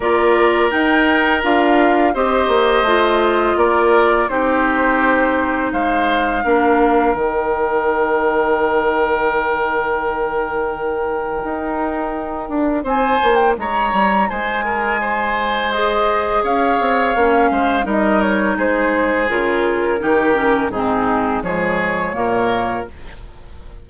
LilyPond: <<
  \new Staff \with { instrumentName = "flute" } { \time 4/4 \tempo 4 = 84 d''4 g''4 f''4 dis''4~ | dis''4 d''4 c''2 | f''2 g''2~ | g''1~ |
g''2 gis''8. g''16 ais''4 | gis''2 dis''4 f''4~ | f''4 dis''8 cis''8 c''4 ais'4~ | ais'4 gis'4 cis''2 | }
  \new Staff \with { instrumentName = "oboe" } { \time 4/4 ais'2. c''4~ | c''4 ais'4 g'2 | c''4 ais'2.~ | ais'1~ |
ais'2 c''4 cis''4 | c''8 ais'8 c''2 cis''4~ | cis''8 c''8 ais'4 gis'2 | g'4 dis'4 gis'4 ais'4 | }
  \new Staff \with { instrumentName = "clarinet" } { \time 4/4 f'4 dis'4 f'4 g'4 | f'2 dis'2~ | dis'4 d'4 dis'2~ | dis'1~ |
dis'1~ | dis'2 gis'2 | cis'4 dis'2 f'4 | dis'8 cis'8 c'4 gis4 ais4 | }
  \new Staff \with { instrumentName = "bassoon" } { \time 4/4 ais4 dis'4 d'4 c'8 ais8 | a4 ais4 c'2 | gis4 ais4 dis2~ | dis1 |
dis'4. d'8 c'8 ais8 gis8 g8 | gis2. cis'8 c'8 | ais8 gis8 g4 gis4 cis4 | dis4 gis,4 f4 ais,4 | }
>>